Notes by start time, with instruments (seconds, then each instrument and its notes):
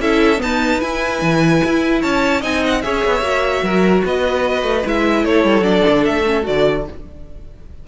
0.00 cello C#4, viola E4, violin A4 E5
0.38 viola B3, cello D#4, violin A5
0.44 violin B4
0.81 viola E4, cello E4, violin G#5
1.22 cello E3
1.65 cello E4
2.01 cello C#4, violin C#5 A5
2.41 cello C4, viola D#4, violin D#5 G#5
2.67 violin F#5
2.82 cello C#4, viola G#4, violin C#5 E5
3.06 cello B3
3.22 cello A#3, viola F#4
3.63 cello F#3, violin A#4
4.05 cello B3, violin B4 D#5
4.63 cello A3
4.85 cello G#3, viola E4, violin E5
5.25 cello A3, violin A4 C#5
5.45 cello G3
5.62 cello F#3, viola D4, violin D5
5.89 cello D3
6.05 cello A3, violin E5
6.27 viola C#4
6.43 cello D3, viola F#4, violin D5